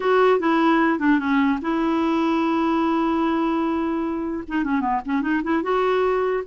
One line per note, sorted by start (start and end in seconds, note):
0.00 0.39 F#4
0.39 0.99 E4
0.99 1.19 D4
1.19 1.59 C#4
1.61 4.43 E4
4.48 4.64 D#4
4.64 4.80 C#4
4.80 5.00 B3
5.05 5.21 C#4
5.21 5.41 D#4
5.43 5.63 E4
5.63 6.43 F#4